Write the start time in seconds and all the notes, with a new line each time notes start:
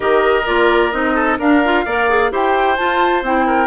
0.00 D#3 G4 A#4 D#5
0.45 A#3 F4 D5
0.91 C4 D#4 D#5
1.14 A4
1.38 D4 A#4 F5
1.64 F4
1.85 A#3 A#4 D5
2.09 G#4
2.30 E4 G4 C5 G5
2.76 F4 A5
3.22 C4 E4 G5
3.46 A#4